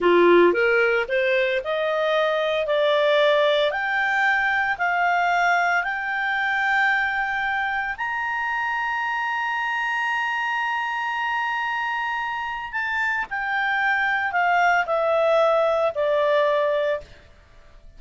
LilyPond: \new Staff \with { instrumentName = "clarinet" } { \time 4/4 \tempo 4 = 113 f'4 ais'4 c''4 dis''4~ | dis''4 d''2 g''4~ | g''4 f''2 g''4~ | g''2. ais''4~ |
ais''1~ | ais''1 | a''4 g''2 f''4 | e''2 d''2 | }